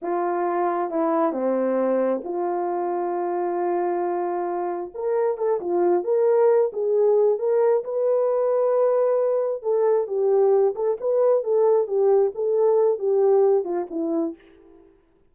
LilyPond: \new Staff \with { instrumentName = "horn" } { \time 4/4 \tempo 4 = 134 f'2 e'4 c'4~ | c'4 f'2.~ | f'2. ais'4 | a'8 f'4 ais'4. gis'4~ |
gis'8 ais'4 b'2~ b'8~ | b'4. a'4 g'4. | a'8 b'4 a'4 g'4 a'8~ | a'4 g'4. f'8 e'4 | }